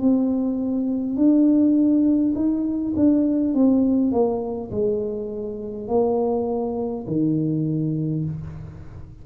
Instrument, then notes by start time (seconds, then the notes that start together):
tuba
0.00 C4
1.16 D4
2.35 D#4
2.96 D4
3.54 C4
4.12 A#3
4.71 G#3
5.88 A#3
7.07 D#3